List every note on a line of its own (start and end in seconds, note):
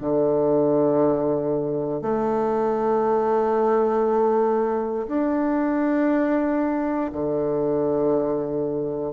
0.00 2.02 D3
2.02 5.07 A3
5.08 7.11 D4
7.12 9.12 D3